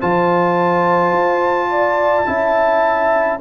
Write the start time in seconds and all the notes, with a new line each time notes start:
0.00 F3 F4 C5 A5
1.12 F4
1.70 D5
2.25 C#4 E4 E5